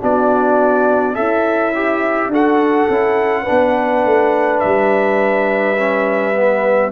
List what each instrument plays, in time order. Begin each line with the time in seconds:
0.00 tuba B3, trombone D4, horn F#4, trumpet D5
1.14 tuba C#4, horn E4, trombone A4, trumpet E5
1.75 trombone G4
2.28 tuba D4, trombone F#4, horn A4
2.34 trumpet F#5
2.89 tuba C#4, trombone E4
3.43 trombone D4, horn B4
3.50 tuba B3
4.05 tuba A3
4.59 tuba G3, trumpet E5
5.77 trombone C#4
6.34 trombone B3